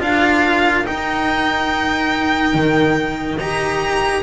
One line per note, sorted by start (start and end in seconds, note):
0.00 0.86 D4
0.00 0.85 F4
0.00 4.23 A#4
0.00 0.87 F5
0.85 3.38 D#4
0.85 2.54 D#4
0.85 3.39 G5
2.54 3.38 D#3
3.38 4.23 D#4
3.38 4.23 G4
3.38 4.23 A#5